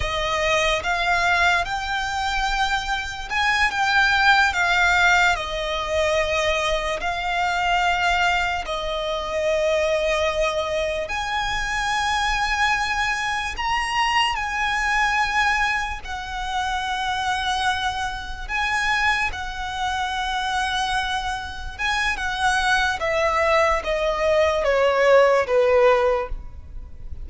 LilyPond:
\new Staff \with { instrumentName = "violin" } { \time 4/4 \tempo 4 = 73 dis''4 f''4 g''2 | gis''8 g''4 f''4 dis''4.~ | dis''8 f''2 dis''4.~ | dis''4. gis''2~ gis''8~ |
gis''8 ais''4 gis''2 fis''8~ | fis''2~ fis''8 gis''4 fis''8~ | fis''2~ fis''8 gis''8 fis''4 | e''4 dis''4 cis''4 b'4 | }